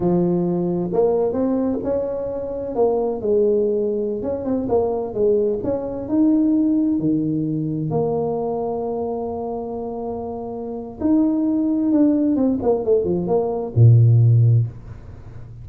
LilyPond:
\new Staff \with { instrumentName = "tuba" } { \time 4/4 \tempo 4 = 131 f2 ais4 c'4 | cis'2 ais4 gis4~ | gis4~ gis16 cis'8 c'8 ais4 gis8.~ | gis16 cis'4 dis'2 dis8.~ |
dis4~ dis16 ais2~ ais8.~ | ais1 | dis'2 d'4 c'8 ais8 | a8 f8 ais4 ais,2 | }